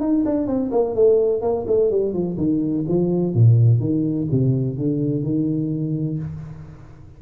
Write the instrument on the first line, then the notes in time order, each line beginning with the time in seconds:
tuba
0.00 D#4
0.25 D4
0.47 C4
0.71 A#3
0.95 A3
1.41 A#3
1.67 A3
1.90 G3
2.13 F3
2.37 D#3
2.88 F3
3.34 A#2
3.79 D#3
4.31 C3
4.77 D3
5.23 D#3